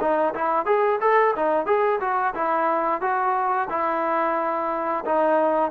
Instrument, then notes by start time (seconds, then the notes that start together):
trombone
0.00 D#4
0.34 E4
0.65 G#4
1.01 A4
1.35 D#4
1.66 G#4
2.00 F#4
2.34 E4
3.01 F#4
3.69 E4
5.05 D#4